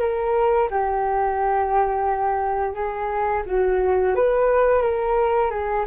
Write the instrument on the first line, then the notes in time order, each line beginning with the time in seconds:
flute
0.00 A#4
0.71 G4
2.74 G#4
3.46 F#4
4.15 B4
4.82 A#4
5.50 G#4